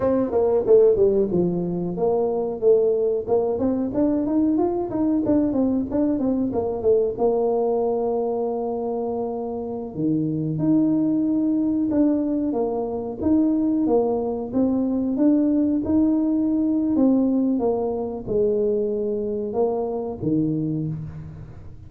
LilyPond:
\new Staff \with { instrumentName = "tuba" } { \time 4/4 \tempo 4 = 92 c'8 ais8 a8 g8 f4 ais4 | a4 ais8 c'8 d'8 dis'8 f'8 dis'8 | d'8 c'8 d'8 c'8 ais8 a8 ais4~ | ais2.~ ais16 dis8.~ |
dis16 dis'2 d'4 ais8.~ | ais16 dis'4 ais4 c'4 d'8.~ | d'16 dis'4.~ dis'16 c'4 ais4 | gis2 ais4 dis4 | }